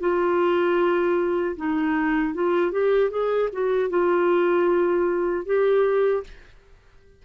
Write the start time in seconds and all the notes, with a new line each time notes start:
0.00 F4
1.56 D#4
2.34 F4
2.72 G4
3.10 G#4
3.52 F#4
3.90 F4
5.45 G4